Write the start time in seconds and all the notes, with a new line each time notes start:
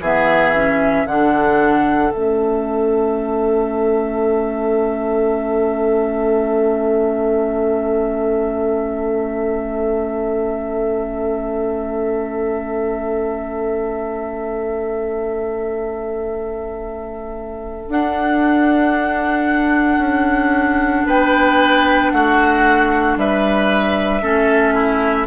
0.00 E3 B3 G#4 E5
0.55 C#4
1.06 D3 D4 A4 F#5
2.13 A3 C#4 E5
17.89 D4 F#5
19.98 C#4
21.06 B3 B4 G5
22.11 A3 F#4 F#5
23.17 G3 B4 E5
24.22 A3 C#4 A4
24.74 E4